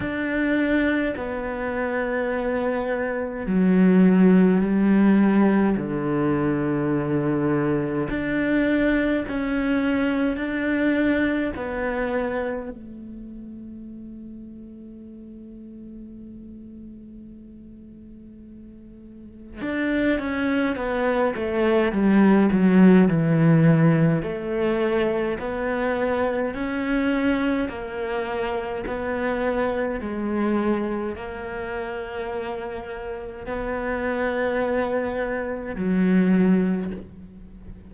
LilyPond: \new Staff \with { instrumentName = "cello" } { \time 4/4 \tempo 4 = 52 d'4 b2 fis4 | g4 d2 d'4 | cis'4 d'4 b4 a4~ | a1~ |
a4 d'8 cis'8 b8 a8 g8 fis8 | e4 a4 b4 cis'4 | ais4 b4 gis4 ais4~ | ais4 b2 fis4 | }